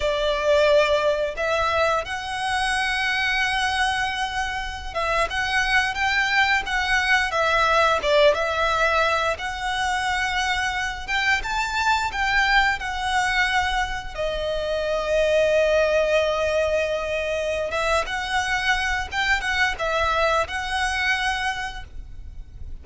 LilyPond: \new Staff \with { instrumentName = "violin" } { \time 4/4 \tempo 4 = 88 d''2 e''4 fis''4~ | fis''2.~ fis''16 e''8 fis''16~ | fis''8. g''4 fis''4 e''4 d''16~ | d''16 e''4. fis''2~ fis''16~ |
fis''16 g''8 a''4 g''4 fis''4~ fis''16~ | fis''8. dis''2.~ dis''16~ | dis''2 e''8 fis''4. | g''8 fis''8 e''4 fis''2 | }